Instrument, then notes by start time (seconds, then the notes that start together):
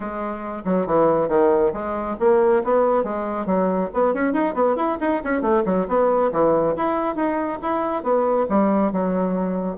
bassoon
0.00 G#3
0.65 F#3
0.86 E3
1.28 D#3
1.73 G#3
2.19 A#3
2.63 B3
3.03 G#3
3.46 F#3
3.93 B3
4.14 C#4
4.33 D#4
4.54 B3
4.76 E4
5.00 D#4
5.24 C#4
5.41 A3
5.65 F#3
5.88 B3
6.31 E3
6.76 E4
7.15 D#4
7.62 E4
8.03 B3
8.49 G3
8.92 F#3